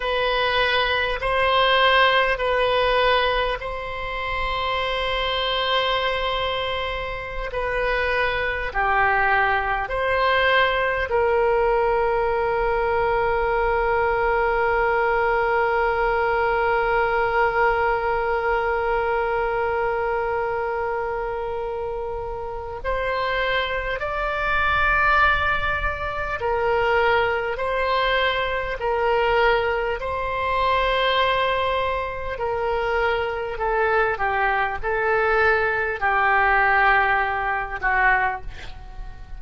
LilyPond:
\new Staff \with { instrumentName = "oboe" } { \time 4/4 \tempo 4 = 50 b'4 c''4 b'4 c''4~ | c''2~ c''16 b'4 g'8.~ | g'16 c''4 ais'2~ ais'8.~ | ais'1~ |
ais'2. c''4 | d''2 ais'4 c''4 | ais'4 c''2 ais'4 | a'8 g'8 a'4 g'4. fis'8 | }